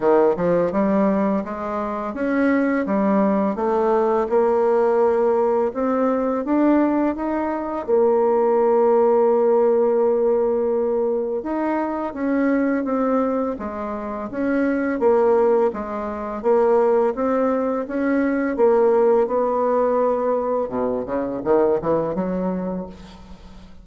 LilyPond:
\new Staff \with { instrumentName = "bassoon" } { \time 4/4 \tempo 4 = 84 dis8 f8 g4 gis4 cis'4 | g4 a4 ais2 | c'4 d'4 dis'4 ais4~ | ais1 |
dis'4 cis'4 c'4 gis4 | cis'4 ais4 gis4 ais4 | c'4 cis'4 ais4 b4~ | b4 b,8 cis8 dis8 e8 fis4 | }